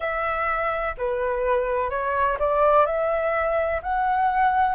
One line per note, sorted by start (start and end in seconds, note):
0.00 0.95 E5
0.97 1.90 B4
1.90 2.37 C#5
2.39 2.86 D5
2.86 3.81 E5
3.82 4.75 F#5